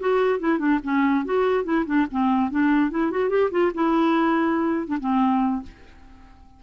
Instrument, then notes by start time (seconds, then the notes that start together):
clarinet
0.00 F#4
0.40 E4
0.59 D4
0.84 C#4
1.25 F#4
1.64 E4
1.86 D4
2.11 C4
2.51 D4
2.91 E4
3.11 F#4
3.30 G4
3.51 F4
3.75 E4
4.87 D4
5.00 C4